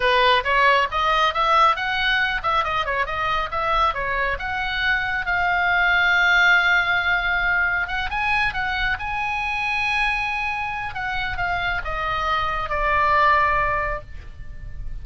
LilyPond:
\new Staff \with { instrumentName = "oboe" } { \time 4/4 \tempo 4 = 137 b'4 cis''4 dis''4 e''4 | fis''4. e''8 dis''8 cis''8 dis''4 | e''4 cis''4 fis''2 | f''1~ |
f''2 fis''8 gis''4 fis''8~ | fis''8 gis''2.~ gis''8~ | gis''4 fis''4 f''4 dis''4~ | dis''4 d''2. | }